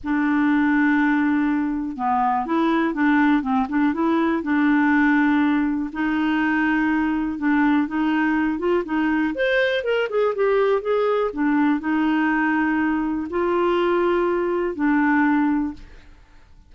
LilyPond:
\new Staff \with { instrumentName = "clarinet" } { \time 4/4 \tempo 4 = 122 d'1 | b4 e'4 d'4 c'8 d'8 | e'4 d'2. | dis'2. d'4 |
dis'4. f'8 dis'4 c''4 | ais'8 gis'8 g'4 gis'4 d'4 | dis'2. f'4~ | f'2 d'2 | }